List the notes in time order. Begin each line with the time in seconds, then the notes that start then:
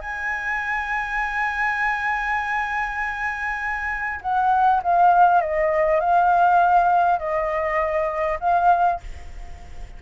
0.00 G#5
4.21 F#5
4.83 F5
5.41 D#5
6.00 F5
7.19 D#5
8.40 F5